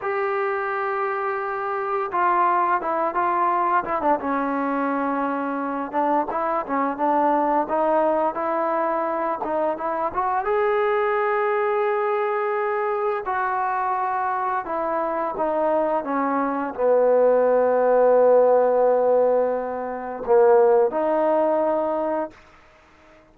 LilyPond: \new Staff \with { instrumentName = "trombone" } { \time 4/4 \tempo 4 = 86 g'2. f'4 | e'8 f'4 e'16 d'16 cis'2~ | cis'8 d'8 e'8 cis'8 d'4 dis'4 | e'4. dis'8 e'8 fis'8 gis'4~ |
gis'2. fis'4~ | fis'4 e'4 dis'4 cis'4 | b1~ | b4 ais4 dis'2 | }